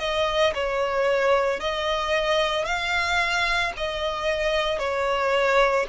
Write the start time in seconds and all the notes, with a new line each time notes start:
0.00 D#5
0.55 C#5
1.61 D#5
2.65 F5
3.77 D#5
4.79 C#5